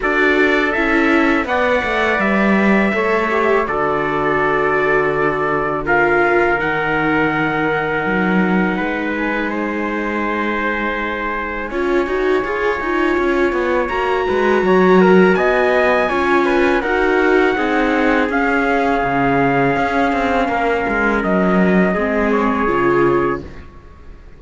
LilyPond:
<<
  \new Staff \with { instrumentName = "trumpet" } { \time 4/4 \tempo 4 = 82 d''4 e''4 fis''4 e''4~ | e''4 d''2. | f''4 fis''2.~ | fis''8 gis''2.~ gis''8~ |
gis''2. ais''4~ | ais''4 gis''2 fis''4~ | fis''4 f''2.~ | f''4 dis''4. cis''4. | }
  \new Staff \with { instrumentName = "trumpet" } { \time 4/4 a'2 d''2 | cis''4 a'2. | ais'1 | b'4 c''2. |
cis''2.~ cis''8 b'8 | cis''8 ais'8 dis''4 cis''8 b'8 ais'4 | gis'1 | ais'2 gis'2 | }
  \new Staff \with { instrumentName = "viola" } { \time 4/4 fis'4 e'4 b'2 | a'8 g'8 fis'2. | f'4 dis'2.~ | dis'1 |
f'8 fis'8 gis'8 f'4. fis'4~ | fis'2 f'4 fis'4 | dis'4 cis'2.~ | cis'2 c'4 f'4 | }
  \new Staff \with { instrumentName = "cello" } { \time 4/4 d'4 cis'4 b8 a8 g4 | a4 d2.~ | d4 dis2 fis4 | gis1 |
cis'8 dis'8 f'8 dis'8 cis'8 b8 ais8 gis8 | fis4 b4 cis'4 dis'4 | c'4 cis'4 cis4 cis'8 c'8 | ais8 gis8 fis4 gis4 cis4 | }
>>